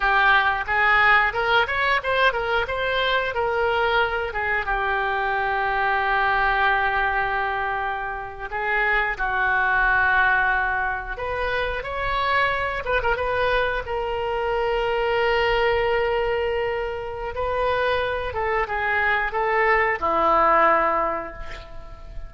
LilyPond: \new Staff \with { instrumentName = "oboe" } { \time 4/4 \tempo 4 = 90 g'4 gis'4 ais'8 cis''8 c''8 ais'8 | c''4 ais'4. gis'8 g'4~ | g'1~ | g'8. gis'4 fis'2~ fis'16~ |
fis'8. b'4 cis''4. b'16 ais'16 b'16~ | b'8. ais'2.~ ais'16~ | ais'2 b'4. a'8 | gis'4 a'4 e'2 | }